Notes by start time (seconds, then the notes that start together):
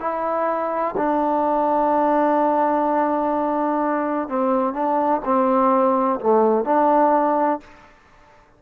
0.00 E4
0.97 D4
4.29 C4
4.74 D4
5.24 C4
6.20 A3
6.65 D4